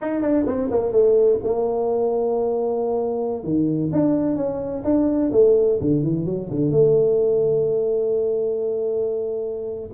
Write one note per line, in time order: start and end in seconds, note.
0.01 0.21 D#4
0.21 0.45 D4
0.46 0.70 C4
0.70 0.92 A#3
0.92 1.39 A3
1.43 3.43 A#3
3.43 3.91 D#3
3.92 4.36 D4
4.36 4.83 C#4
4.84 5.31 D4
5.31 5.79 A3
5.80 6.02 D3
6.02 6.25 E3
6.25 6.49 F#3
6.50 6.71 D3
6.71 9.90 A3